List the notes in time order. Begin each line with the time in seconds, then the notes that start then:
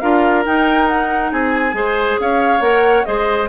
0.00 D4 F4 A#4 F5
0.45 D#4 G5
0.88 F#5
1.32 C4 G#4 G#5
1.73 G#3 G#4 C5
2.20 C#4 C#5 F5
2.60 A#3 A#4 F#5
3.05 G#3 G#4 C5 D#5